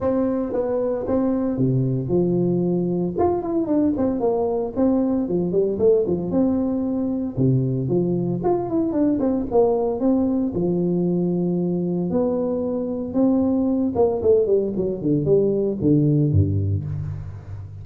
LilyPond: \new Staff \with { instrumentName = "tuba" } { \time 4/4 \tempo 4 = 114 c'4 b4 c'4 c4 | f2 f'8 e'8 d'8 c'8 | ais4 c'4 f8 g8 a8 f8 | c'2 c4 f4 |
f'8 e'8 d'8 c'8 ais4 c'4 | f2. b4~ | b4 c'4. ais8 a8 g8 | fis8 d8 g4 d4 g,4 | }